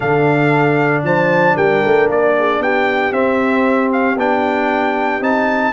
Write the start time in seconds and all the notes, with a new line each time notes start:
0.00 D3 D4 A4 F5
1.03 F3 C5 A5
1.55 G3 A#4 G5
1.85 A3
2.08 A#3 D5
2.38 G#4
2.59 B3 G4 G5
3.12 C4 E5
3.92 F5
4.16 B3 D4 G5
5.20 C4 D#4 A5